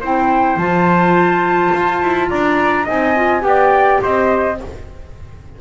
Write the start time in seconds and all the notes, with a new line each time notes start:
0.00 C4 E4 C5 G5
0.56 F3 F4 A5
1.74 F4
2.01 E4
2.29 D4 D5 A#5
2.84 C4 D#4 D#5 G#5
3.15 F4
3.40 B3 G4 G5
3.47 D5
4.02 C4 C5 D#5